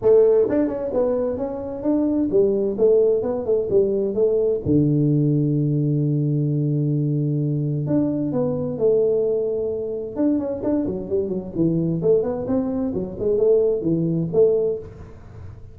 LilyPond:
\new Staff \with { instrumentName = "tuba" } { \time 4/4 \tempo 4 = 130 a4 d'8 cis'8 b4 cis'4 | d'4 g4 a4 b8 a8 | g4 a4 d2~ | d1~ |
d4 d'4 b4 a4~ | a2 d'8 cis'8 d'8 fis8 | g8 fis8 e4 a8 b8 c'4 | fis8 gis8 a4 e4 a4 | }